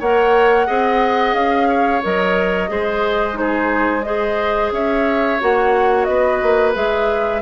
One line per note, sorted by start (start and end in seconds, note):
0.00 0.68 A#3
0.00 0.68 A#4
0.00 0.67 C#5
0.00 1.35 F#5
0.67 1.34 C4
0.67 2.02 G#4
0.67 1.68 D#5
1.34 2.01 C#4
1.34 2.02 F5
1.69 2.70 C#5
2.03 2.70 F#3
2.03 2.69 A#4
2.03 3.38 D#5
2.69 4.72 G#3
2.69 3.34 G#4
2.69 3.39 C5
3.34 4.01 D#4
3.34 4.04 C5
3.40 4.06 G#4
4.04 5.40 G#4
4.04 4.74 C5
4.04 4.71 D#5
4.72 5.39 C#4
4.72 6.09 C#5
4.72 5.41 E5
5.41 6.08 A#3
5.41 6.74 F#4
5.41 6.05 F#5
6.05 6.42 B3
6.05 7.42 B4
6.05 6.72 D#5
6.43 6.76 A#3
6.74 7.42 G#3
6.74 7.42 G#4
6.74 7.42 E5